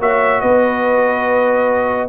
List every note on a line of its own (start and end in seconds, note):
0.00 0.42 A#3
0.00 2.09 F#4
0.00 0.42 C#5
0.00 0.41 E5
0.41 2.09 B3
0.41 2.09 B4
0.41 2.09 D#5